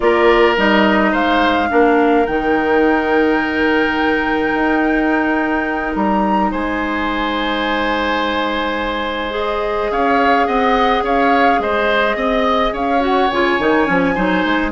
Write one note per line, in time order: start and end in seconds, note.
0.00 0.57 A#3
0.00 0.56 F4
0.00 1.11 A#4
0.00 0.55 D5
0.56 1.13 G3
0.56 1.69 D#4
0.56 1.14 D#5
1.11 1.69 G#3
1.11 1.68 C5
1.11 2.25 F5
1.69 2.27 A#3
1.69 2.26 D4
1.69 6.51 A#4
2.25 4.53 D#3
2.25 9.30 D#4
2.25 5.93 G5
4.53 5.95 D#4
5.95 6.52 G3
5.95 6.51 A#5
6.51 9.91 G#3
6.51 9.91 C5
6.51 9.35 G#5
9.30 12.98 G#4
9.30 9.91 D#5
9.91 10.47 C#4
9.91 10.46 C#5
9.91 10.46 F5
10.46 11.02 C4
10.46 11.03 D#5
10.46 11.03 F#5
11.02 11.58 C#4
11.02 11.60 C#5
11.02 11.61 F5
11.58 12.15 G#3
11.58 12.16 C5
11.58 12.75 D#5
12.15 12.71 C4
12.15 12.73 D#5
12.72 13.29 C#4
12.72 14.14 C#5
12.72 13.03 F5
13.00 13.28 F#4
13.00 13.30 F#5
13.30 13.58 C#3
13.30 13.59 F4
13.30 14.72 G#5
13.58 13.87 D#3
13.58 13.86 D#4
13.86 14.16 F3
13.86 14.14 C#4
14.15 14.45 F#3
14.15 14.72 D#4
14.15 14.71 C5
14.45 14.72 G#3